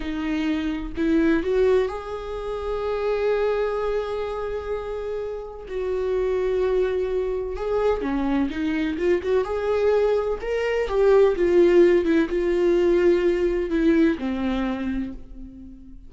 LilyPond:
\new Staff \with { instrumentName = "viola" } { \time 4/4 \tempo 4 = 127 dis'2 e'4 fis'4 | gis'1~ | gis'1 | fis'1 |
gis'4 cis'4 dis'4 f'8 fis'8 | gis'2 ais'4 g'4 | f'4. e'8 f'2~ | f'4 e'4 c'2 | }